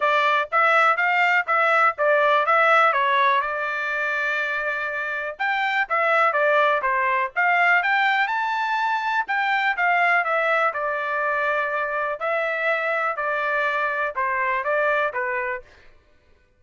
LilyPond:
\new Staff \with { instrumentName = "trumpet" } { \time 4/4 \tempo 4 = 123 d''4 e''4 f''4 e''4 | d''4 e''4 cis''4 d''4~ | d''2. g''4 | e''4 d''4 c''4 f''4 |
g''4 a''2 g''4 | f''4 e''4 d''2~ | d''4 e''2 d''4~ | d''4 c''4 d''4 b'4 | }